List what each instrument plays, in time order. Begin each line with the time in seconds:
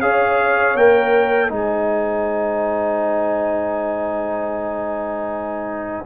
0.00 tuba C#4, trombone G#4, horn C#5, trumpet F5
0.75 tuba A#3, trombone A#4, trumpet G5
1.50 tuba G#3, trombone D#4, horn C5, trumpet G#5